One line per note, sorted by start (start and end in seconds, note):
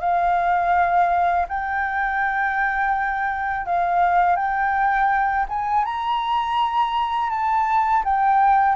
0.00 1.46 F5
1.48 3.66 G5
3.66 4.36 F5
4.36 5.46 G5
5.49 5.85 G#5
5.85 7.30 A#5
7.30 8.03 A5
8.05 8.76 G5